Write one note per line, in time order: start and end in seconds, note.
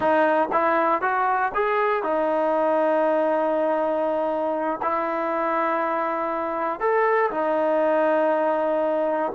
0.00 0.48 D#4
0.52 1.01 E4
1.01 1.52 F#4
1.54 2.03 G#4
2.03 4.80 D#4
4.82 6.80 E4
6.80 7.30 A4
7.30 9.32 D#4